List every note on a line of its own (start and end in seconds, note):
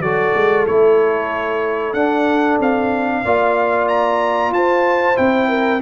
0.00 0.32 F#3
0.00 0.67 F#4
0.00 3.23 A4
0.00 0.66 D5
0.34 0.67 G#3
0.66 1.93 A3
0.66 1.96 E4
0.66 1.93 C#5
1.93 2.58 D4
1.93 3.25 D4
1.93 2.58 F#5
2.60 3.24 C4
2.60 3.88 F5
3.23 4.51 A#3
3.23 5.15 F4
3.23 4.52 D5
3.88 4.52 A#5
4.51 5.15 F4
4.51 5.48 C5
4.51 5.17 A5
5.15 5.81 C4
5.15 5.79 E4
5.15 5.81 G5
5.48 5.81 A#4